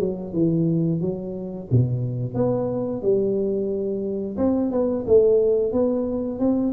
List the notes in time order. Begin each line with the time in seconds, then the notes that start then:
0.00 F#3
0.34 E3
1.01 F#3
1.72 B2
2.35 B3
3.02 G3
4.38 C4
4.71 B3
5.07 A3
5.73 B3
6.39 C4